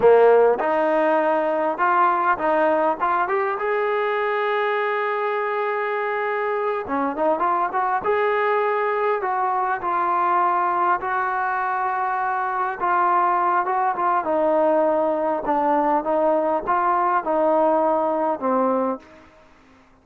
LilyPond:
\new Staff \with { instrumentName = "trombone" } { \time 4/4 \tempo 4 = 101 ais4 dis'2 f'4 | dis'4 f'8 g'8 gis'2~ | gis'2.~ gis'8 cis'8 | dis'8 f'8 fis'8 gis'2 fis'8~ |
fis'8 f'2 fis'4.~ | fis'4. f'4. fis'8 f'8 | dis'2 d'4 dis'4 | f'4 dis'2 c'4 | }